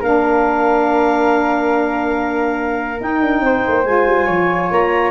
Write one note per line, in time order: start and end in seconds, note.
0.00 3.00 A#3
0.00 2.98 D4
0.00 3.40 A#4
0.00 3.00 F5
2.98 3.84 D#4
2.98 3.22 D#4
2.98 3.85 G5
3.22 3.40 D4
3.40 3.61 C4
3.40 4.26 C5
3.68 3.85 A#3
3.85 4.06 G#3
3.85 5.11 F4
3.85 4.70 G#5
4.06 4.27 G3
4.26 4.70 F3
4.26 5.11 C#5
4.71 5.11 A#3
4.71 5.11 A#5